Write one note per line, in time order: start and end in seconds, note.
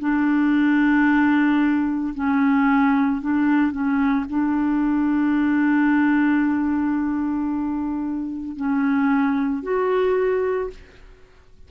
0.00 2.14 D4
2.15 3.21 C#4
3.21 3.72 D4
3.72 4.26 C#4
4.30 8.57 D4
8.57 9.63 C#4
9.63 10.70 F#4